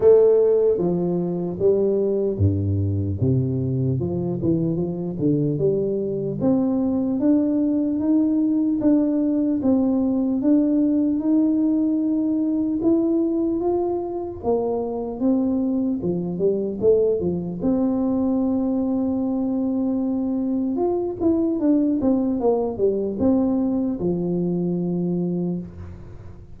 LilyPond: \new Staff \with { instrumentName = "tuba" } { \time 4/4 \tempo 4 = 75 a4 f4 g4 g,4 | c4 f8 e8 f8 d8 g4 | c'4 d'4 dis'4 d'4 | c'4 d'4 dis'2 |
e'4 f'4 ais4 c'4 | f8 g8 a8 f8 c'2~ | c'2 f'8 e'8 d'8 c'8 | ais8 g8 c'4 f2 | }